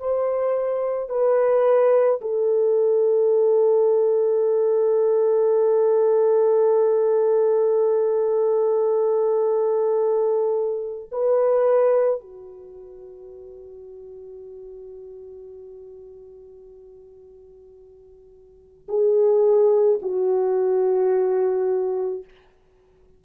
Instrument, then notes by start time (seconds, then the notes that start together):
horn
0.00 C5
1.10 B4
2.22 A4
11.12 B4
12.21 F#4
18.89 G#4
20.03 F#4